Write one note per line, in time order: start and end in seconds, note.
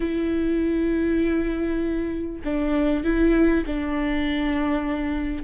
0.00 2.41 E4
2.44 3.04 D4
3.04 3.64 E4
3.66 5.44 D4